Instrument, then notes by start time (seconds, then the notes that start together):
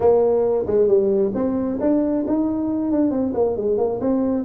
tuba
0.00 A#3
0.66 G#3
0.87 G3
1.34 C4
1.80 D4
2.27 D#4
2.91 D4
3.10 C4
3.34 A#3
3.56 G#3
3.77 A#3
4.00 C4